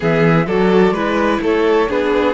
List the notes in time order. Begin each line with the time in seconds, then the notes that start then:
0.00 E3 B3 G#4 E5
0.46 F#3 F#4 A4 D5
0.91 G#3 E4 B4
1.41 A3 A4 C#5
1.88 B3 D4 G#4 B4